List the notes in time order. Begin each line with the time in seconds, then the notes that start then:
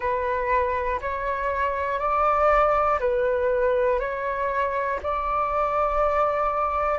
0.00 B4
1.00 C#5
1.99 D5
3.00 B4
4.00 C#5
5.02 D5